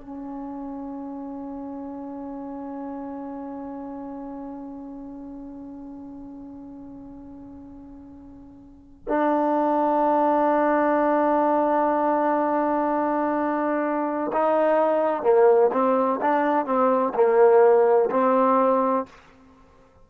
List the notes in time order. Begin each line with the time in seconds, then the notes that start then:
0.00 C#4
9.07 D4
14.32 D#4
15.23 A#3
15.72 C4
16.21 D4
16.65 C4
17.14 A#3
18.10 C4